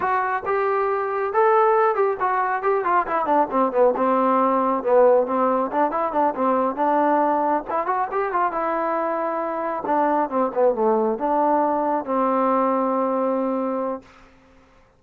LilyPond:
\new Staff \with { instrumentName = "trombone" } { \time 4/4 \tempo 4 = 137 fis'4 g'2 a'4~ | a'8 g'8 fis'4 g'8 f'8 e'8 d'8 | c'8 b8 c'2 b4 | c'4 d'8 e'8 d'8 c'4 d'8~ |
d'4. e'8 fis'8 g'8 f'8 e'8~ | e'2~ e'8 d'4 c'8 | b8 a4 d'2 c'8~ | c'1 | }